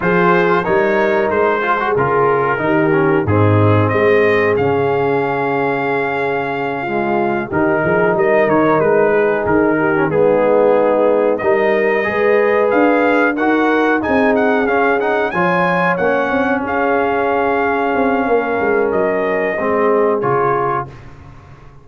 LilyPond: <<
  \new Staff \with { instrumentName = "trumpet" } { \time 4/4 \tempo 4 = 92 c''4 cis''4 c''4 ais'4~ | ais'4 gis'4 dis''4 f''4~ | f''2.~ f''8 ais'8~ | ais'8 dis''8 cis''8 b'4 ais'4 gis'8~ |
gis'4. dis''2 f''8~ | f''8 fis''4 gis''8 fis''8 f''8 fis''8 gis''8~ | gis''8 fis''4 f''2~ f''8~ | f''4 dis''2 cis''4 | }
  \new Staff \with { instrumentName = "horn" } { \time 4/4 gis'4 ais'4. gis'4. | g'4 dis'4 gis'2~ | gis'2~ gis'8 f'4 g'8 | gis'8 ais'4. gis'4 g'8 dis'8~ |
dis'4. ais'4 b'4.~ | b'8 ais'4 gis'2 cis''8~ | cis''4. gis'2~ gis'8 | ais'2 gis'2 | }
  \new Staff \with { instrumentName = "trombone" } { \time 4/4 f'4 dis'4. f'16 fis'16 f'4 | dis'8 cis'8 c'2 cis'4~ | cis'2~ cis'8 gis4 dis'8~ | dis'2.~ dis'16 cis'16 b8~ |
b4. dis'4 gis'4.~ | gis'8 fis'4 dis'4 cis'8 dis'8 f'8~ | f'8 cis'2.~ cis'8~ | cis'2 c'4 f'4 | }
  \new Staff \with { instrumentName = "tuba" } { \time 4/4 f4 g4 gis4 cis4 | dis4 gis,4 gis4 cis4~ | cis2.~ cis8 dis8 | f8 g8 dis8 gis4 dis4 gis8~ |
gis4. g4 gis4 d'8~ | d'8 dis'4 c'4 cis'4 f8~ | f8 ais8 c'8 cis'2 c'8 | ais8 gis8 fis4 gis4 cis4 | }
>>